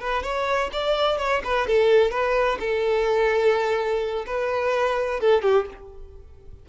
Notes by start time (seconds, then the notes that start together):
0.00 B4
0.23 C#5
0.73 D5
1.18 C#5
1.44 B4
1.67 A4
2.11 B4
2.60 A4
4.26 B4
5.20 A4
5.42 G4